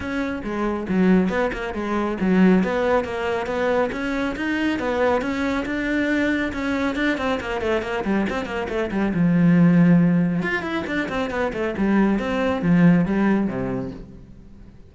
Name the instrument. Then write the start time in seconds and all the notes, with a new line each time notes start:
cello
0.00 C#4
0.43 G#3
0.88 F#3
1.29 B3
1.53 A#3
1.74 G#3
2.20 F#3
2.63 B3
3.04 A#3
3.46 B3
3.92 C#4
4.36 D#4
4.79 B3
5.21 C#4
5.65 D4
6.52 C#4
6.95 D4
7.17 C4
7.40 A#3
7.61 A3
7.82 A#3
8.04 G3
8.29 C4
8.45 A#3
8.68 A3
8.91 G3
9.14 F3
10.42 F4
10.62 E4
10.86 D4
11.08 C4
11.30 B3
11.53 A3
11.77 G3
12.19 C4
12.62 F3
13.05 G3
13.47 C3